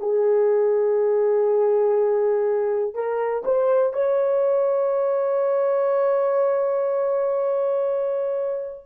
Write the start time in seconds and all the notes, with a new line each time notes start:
0.00 G#4
2.94 A#4
3.45 C5
3.93 C#5